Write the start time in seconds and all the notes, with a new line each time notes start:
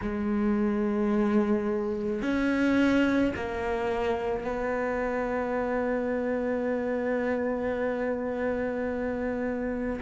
0.02 G#3
2.22 C#4
3.35 A#3
4.44 B3